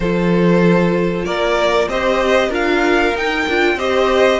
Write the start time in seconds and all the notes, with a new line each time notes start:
0.00 F3 F4 A4 C5
1.25 A#3 A#4 D5
1.87 C4 G4 C5 D#5
2.48 D4 F4 A#4 F5
3.14 D#4 G5
3.48 D4 F4
3.75 C4 G4 C5 D#5